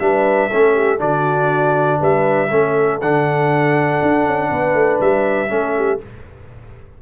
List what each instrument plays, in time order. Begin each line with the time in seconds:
0.00 tuba G3, trombone D4, horn B4, trumpet E5
0.50 tuba A3, trombone C#4, horn A4
0.74 horn G4
0.98 tuba D3, trombone D4, horn F#4, trumpet D5
2.00 tuba G3, horn B4, trumpet E5
2.51 tuba A3, trombone C#4, horn A4
3.01 tuba D3, trombone D4, trumpet F#5
4.02 tuba D4
4.26 tuba C#4
4.51 tuba B3, horn B4
4.74 tuba A3
5.01 tuba G3, trumpet E5
5.49 tuba A3, trombone C#4, horn A4
5.77 horn G4